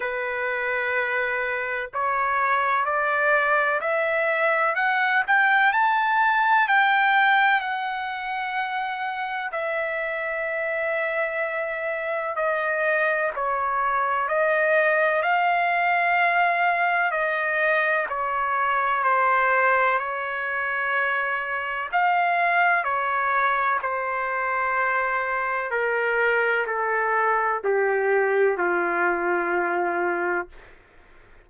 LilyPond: \new Staff \with { instrumentName = "trumpet" } { \time 4/4 \tempo 4 = 63 b'2 cis''4 d''4 | e''4 fis''8 g''8 a''4 g''4 | fis''2 e''2~ | e''4 dis''4 cis''4 dis''4 |
f''2 dis''4 cis''4 | c''4 cis''2 f''4 | cis''4 c''2 ais'4 | a'4 g'4 f'2 | }